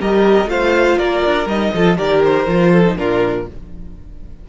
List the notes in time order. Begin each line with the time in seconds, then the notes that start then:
0.00 G3 G4 A#4 D#5
0.46 A3 F4 C5 F5
0.98 A#3 A#4 D5
1.25 D4
1.46 G3 D#4 D#5
1.74 F3 F4 A4
1.96 D#3 G4 A#4 D5
2.24 C5
2.47 F3 F4
2.71 A4
2.86 D#4
2.97 A#2 D4 F4 A#4